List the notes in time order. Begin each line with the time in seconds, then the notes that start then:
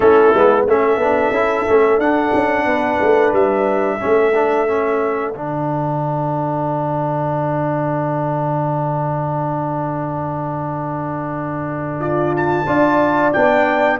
0.00 A3 C#4 E4 A4
0.33 G#3 B3
0.66 A3 C#4 A4 E5
0.96 B3 D4
1.30 C#4 E4
1.67 A3 C#4
1.98 D4 F#5
2.33 C#4
2.65 B3 B4
3.01 A3
3.32 G3 E5
3.98 A3 C#4 A4
4.34 D4
4.67 C#4
5.32 D3 D4 F#5
11.99 F4 D5
12.36 A5
12.65 D4 F4 D5
13.32 B3 D4 G5